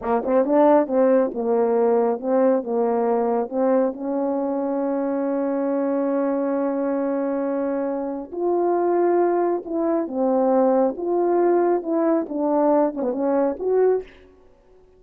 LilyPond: \new Staff \with { instrumentName = "horn" } { \time 4/4 \tempo 4 = 137 ais8 c'8 d'4 c'4 ais4~ | ais4 c'4 ais2 | c'4 cis'2.~ | cis'1~ |
cis'2. f'4~ | f'2 e'4 c'4~ | c'4 f'2 e'4 | d'4. cis'16 b16 cis'4 fis'4 | }